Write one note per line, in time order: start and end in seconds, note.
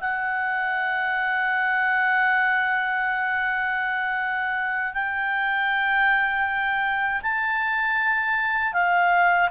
0.00 4.93 F#5
4.93 7.21 G5
7.22 8.73 A5
8.73 9.49 F5